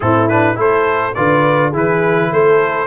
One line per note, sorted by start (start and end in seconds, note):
0.00 0.57 A2
0.00 0.29 C4
0.00 0.57 E4
0.00 0.28 A4
0.28 0.55 D4
0.28 0.57 B4
0.55 1.15 A3
0.55 1.12 E4
0.55 1.15 A4
0.55 1.14 C5
1.14 1.73 D3
1.14 1.72 F4
1.14 1.70 B4
1.14 1.72 D5
1.70 2.31 E3
1.70 2.87 E4
1.70 2.28 G#4
1.70 2.32 B4
2.31 2.87 A3
2.31 2.87 A4
2.31 2.87 C5